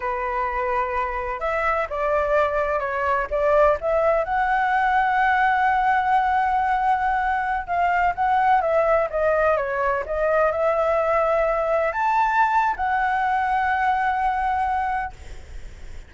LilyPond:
\new Staff \with { instrumentName = "flute" } { \time 4/4 \tempo 4 = 127 b'2. e''4 | d''2 cis''4 d''4 | e''4 fis''2.~ | fis''1~ |
fis''16 f''4 fis''4 e''4 dis''8.~ | dis''16 cis''4 dis''4 e''4.~ e''16~ | e''4~ e''16 a''4.~ a''16 fis''4~ | fis''1 | }